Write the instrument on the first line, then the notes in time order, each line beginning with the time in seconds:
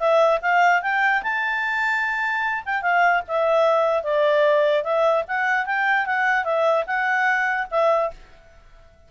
clarinet
0.00 E5
0.42 F5
0.82 G5
1.23 A5
2.66 G5
2.82 F5
3.28 E5
4.04 D5
4.84 E5
5.28 F#5
5.67 G5
6.07 F#5
6.45 E5
6.87 F#5
7.71 E5